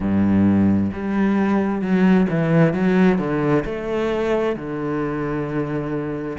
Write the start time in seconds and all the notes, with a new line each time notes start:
0.00 G2
0.93 G3
1.81 F#3
2.29 E3
2.73 F#3
3.18 D3
3.65 A3
4.55 D3